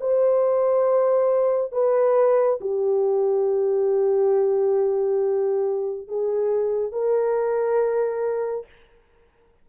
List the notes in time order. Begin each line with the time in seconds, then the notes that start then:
0.00 C5
1.72 B4
2.60 G4
6.08 G#4
6.92 A#4